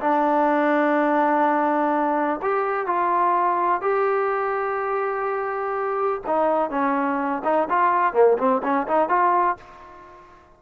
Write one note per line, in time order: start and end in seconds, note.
0.00 2.40 D4
2.42 2.86 G4
2.86 3.81 F4
3.81 6.21 G4
6.27 6.70 D#4
6.70 7.42 C#4
7.44 7.68 D#4
7.69 8.13 F4
8.13 8.37 A#3
8.38 8.62 C4
8.63 8.87 C#4
8.87 9.09 D#4
9.09 9.57 F4